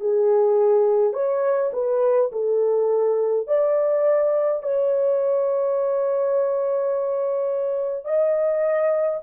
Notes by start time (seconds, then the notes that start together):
0.00 G#4
1.13 C#5
1.73 B4
2.32 A4
3.47 D5
4.63 C#5
8.05 D#5